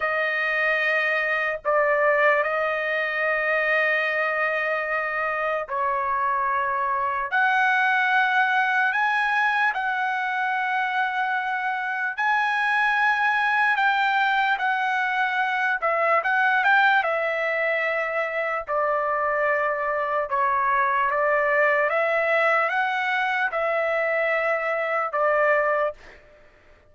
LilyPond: \new Staff \with { instrumentName = "trumpet" } { \time 4/4 \tempo 4 = 74 dis''2 d''4 dis''4~ | dis''2. cis''4~ | cis''4 fis''2 gis''4 | fis''2. gis''4~ |
gis''4 g''4 fis''4. e''8 | fis''8 g''8 e''2 d''4~ | d''4 cis''4 d''4 e''4 | fis''4 e''2 d''4 | }